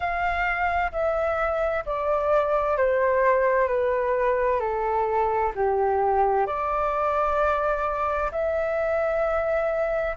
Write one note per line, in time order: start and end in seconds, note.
0.00 0.91 F5
0.92 1.84 E5
1.85 2.77 D5
2.77 3.68 C5
3.68 4.59 B4
4.59 5.52 A4
5.55 6.46 G4
6.46 8.31 D5
8.31 10.16 E5